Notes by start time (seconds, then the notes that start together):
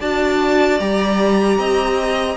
0.00 D4 F#4 D5 A5
0.80 G3 G4 A#5
1.58 C4 D#5